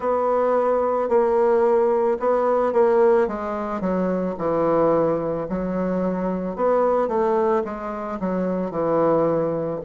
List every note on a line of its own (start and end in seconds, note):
0.00 1.09 B3
1.09 2.18 A#3
2.19 2.73 B3
2.73 3.27 A#3
3.27 3.80 G#3
3.80 4.35 F#3
4.38 5.47 E3
5.48 6.56 F#3
6.56 7.08 B3
7.08 7.62 A3
7.64 8.18 G#3
8.20 8.70 F#3
8.70 9.79 E3